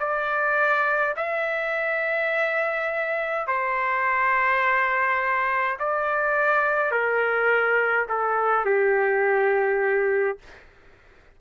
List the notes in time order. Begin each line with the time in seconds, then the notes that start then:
0.00 D5
1.17 E5
3.48 C5
5.80 D5
6.91 A#4
8.09 A4
8.66 G4